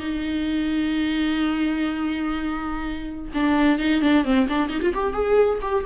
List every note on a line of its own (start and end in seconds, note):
0.00 3.32 D#4
3.34 3.79 D4
3.79 4.02 D#4
4.02 4.25 D4
4.25 4.48 C4
4.49 4.70 D4
4.70 4.81 D#4
4.82 4.94 F4
4.94 5.14 G4
5.14 5.59 G#4
5.62 5.85 G4